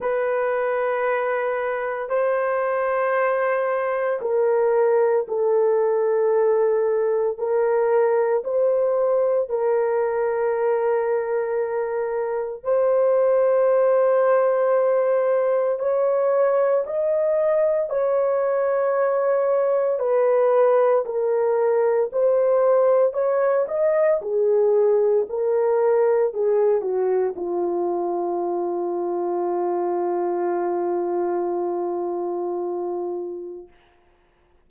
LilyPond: \new Staff \with { instrumentName = "horn" } { \time 4/4 \tempo 4 = 57 b'2 c''2 | ais'4 a'2 ais'4 | c''4 ais'2. | c''2. cis''4 |
dis''4 cis''2 b'4 | ais'4 c''4 cis''8 dis''8 gis'4 | ais'4 gis'8 fis'8 f'2~ | f'1 | }